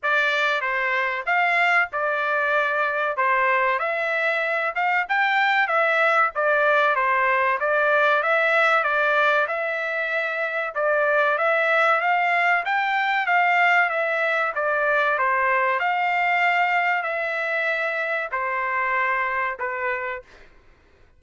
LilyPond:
\new Staff \with { instrumentName = "trumpet" } { \time 4/4 \tempo 4 = 95 d''4 c''4 f''4 d''4~ | d''4 c''4 e''4. f''8 | g''4 e''4 d''4 c''4 | d''4 e''4 d''4 e''4~ |
e''4 d''4 e''4 f''4 | g''4 f''4 e''4 d''4 | c''4 f''2 e''4~ | e''4 c''2 b'4 | }